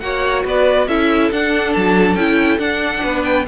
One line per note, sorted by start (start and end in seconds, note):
0.00 0.45 A#3
0.00 0.89 F#4
0.00 0.45 C#5
0.00 0.43 F#5
0.45 0.88 B3
0.45 0.88 B4
0.45 0.88 D5
0.88 1.31 C#4
0.88 1.32 E4
0.88 3.03 A4
0.88 1.32 E5
1.32 1.75 D4
1.32 2.18 D4
1.32 1.74 F#5
1.74 2.16 F#3
1.74 2.16 A5
2.16 2.59 C#4
2.16 2.59 E4
2.16 2.59 G5
2.59 3.02 D4
2.59 3.46 D4
2.59 3.23 F#5
3.03 3.47 B3
3.03 3.46 B4
3.24 3.46 G5